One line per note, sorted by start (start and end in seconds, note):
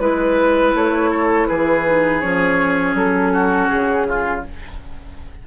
0.00 0.74 G#3
0.00 1.85 E4
0.00 0.74 B4
0.00 1.11 B4
0.75 1.49 A3
0.75 1.47 C#5
1.11 1.48 A4
1.47 2.23 E3
1.47 3.33 G#4
1.47 2.21 B4
1.86 2.21 D#4
2.21 2.94 F3
2.21 4.44 C#4
2.21 2.95 C#5
2.94 3.68 F#3
2.94 3.68 A4
3.33 4.07 F#4
3.68 4.47 C#3
3.68 4.42 G#4
4.08 4.45 F4